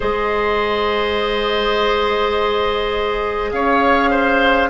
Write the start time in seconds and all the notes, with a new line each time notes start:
0.00 G#3 G#4 C5 D#5
3.51 C#4 C#5 F5
4.10 C5